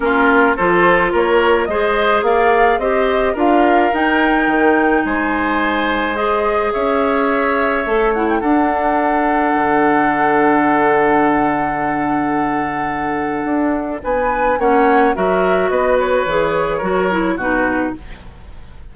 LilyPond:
<<
  \new Staff \with { instrumentName = "flute" } { \time 4/4 \tempo 4 = 107 ais'4 c''4 cis''4 dis''4 | f''4 dis''4 f''4 g''4~ | g''4 gis''2 dis''4 | e''2~ e''8 fis''16 g''16 fis''4~ |
fis''1~ | fis''1~ | fis''4 gis''4 fis''4 e''4 | dis''8 cis''2~ cis''8 b'4 | }
  \new Staff \with { instrumentName = "oboe" } { \time 4/4 f'4 a'4 ais'4 c''4 | d''4 c''4 ais'2~ | ais'4 c''2. | cis''2. a'4~ |
a'1~ | a'1~ | a'4 b'4 cis''4 ais'4 | b'2 ais'4 fis'4 | }
  \new Staff \with { instrumentName = "clarinet" } { \time 4/4 cis'4 f'2 gis'4~ | gis'4 g'4 f'4 dis'4~ | dis'2. gis'4~ | gis'2 a'8 e'8 d'4~ |
d'1~ | d'1~ | d'2 cis'4 fis'4~ | fis'4 gis'4 fis'8 e'8 dis'4 | }
  \new Staff \with { instrumentName = "bassoon" } { \time 4/4 ais4 f4 ais4 gis4 | ais4 c'4 d'4 dis'4 | dis4 gis2. | cis'2 a4 d'4~ |
d'4 d2.~ | d1 | d'4 b4 ais4 fis4 | b4 e4 fis4 b,4 | }
>>